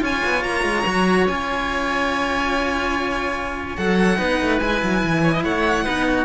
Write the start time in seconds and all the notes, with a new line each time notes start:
0.00 C#4 F4 C#5 G#5
0.25 B3
0.43 A#3 A#5
0.64 G#3
0.86 F#3 F#4
1.27 C#4 F4 G#5
3.77 F#3 A4 F#5
4.16 B3 D#4 B4
4.41 A3
4.59 G#3 E4 G#5
4.82 F#3
5.04 E3
5.23 C#5
5.33 D#5
5.44 A3 C#5 F#5
5.84 B3 D#4 B4
6.07 F#4